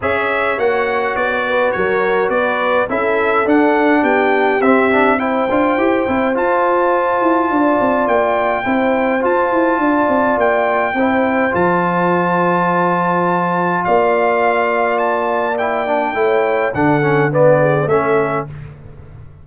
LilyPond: <<
  \new Staff \with { instrumentName = "trumpet" } { \time 4/4 \tempo 4 = 104 e''4 fis''4 d''4 cis''4 | d''4 e''4 fis''4 g''4 | e''4 g''2 a''4~ | a''2 g''2 |
a''2 g''2 | a''1 | f''2 a''4 g''4~ | g''4 fis''4 d''4 e''4 | }
  \new Staff \with { instrumentName = "horn" } { \time 4/4 cis''2~ cis''8 b'8 ais'4 | b'4 a'2 g'4~ | g'4 c''2.~ | c''4 d''2 c''4~ |
c''4 d''2 c''4~ | c''1 | d''1 | cis''4 a'4 b'8 gis'8 a'4 | }
  \new Staff \with { instrumentName = "trombone" } { \time 4/4 gis'4 fis'2.~ | fis'4 e'4 d'2 | c'8 d'8 e'8 f'8 g'8 e'8 f'4~ | f'2. e'4 |
f'2. e'4 | f'1~ | f'2. e'8 d'8 | e'4 d'8 cis'8 b4 cis'4 | }
  \new Staff \with { instrumentName = "tuba" } { \time 4/4 cis'4 ais4 b4 fis4 | b4 cis'4 d'4 b4 | c'4. d'8 e'8 c'8 f'4~ | f'8 e'8 d'8 c'8 ais4 c'4 |
f'8 e'8 d'8 c'8 ais4 c'4 | f1 | ais1 | a4 d2 a4 | }
>>